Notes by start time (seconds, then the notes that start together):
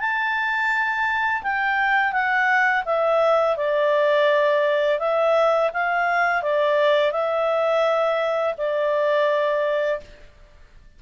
0.00 A5
1.44 G5
2.13 F#5
2.86 E5
3.57 D5
5.00 E5
5.74 F5
6.43 D5
7.12 E5
8.58 D5